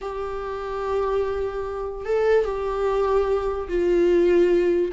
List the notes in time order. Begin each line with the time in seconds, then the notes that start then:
0.01 G4
2.05 A4
2.44 G4
3.68 F4